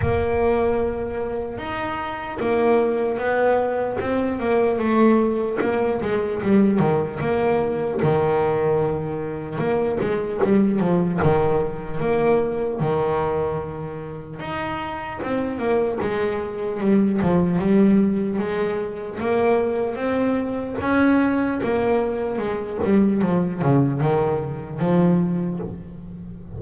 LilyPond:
\new Staff \with { instrumentName = "double bass" } { \time 4/4 \tempo 4 = 75 ais2 dis'4 ais4 | b4 c'8 ais8 a4 ais8 gis8 | g8 dis8 ais4 dis2 | ais8 gis8 g8 f8 dis4 ais4 |
dis2 dis'4 c'8 ais8 | gis4 g8 f8 g4 gis4 | ais4 c'4 cis'4 ais4 | gis8 g8 f8 cis8 dis4 f4 | }